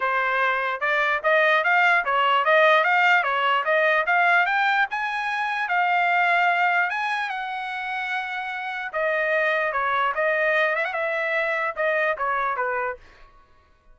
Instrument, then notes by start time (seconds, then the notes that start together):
trumpet
0.00 C5
0.80 D5
1.23 D#5
1.64 F5
2.05 C#5
2.44 D#5
2.84 F5
3.23 C#5
3.64 D#5
4.06 F5
4.46 G5
4.90 G#5
5.68 F5
6.89 G#5
7.29 F#5
8.92 D#5
9.72 C#5
10.14 D#5
10.75 E5
10.84 F#5
10.93 E5
11.76 D#5
12.17 C#5
12.56 B4